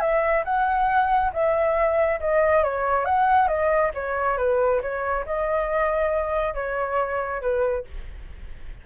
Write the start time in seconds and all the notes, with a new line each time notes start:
0.00 E5
0.45 F#5
1.33 E5
2.21 D#5
2.64 C#5
3.05 F#5
3.48 D#5
3.94 C#5
4.37 B4
4.82 C#5
5.26 D#5
6.54 C#5
7.41 B4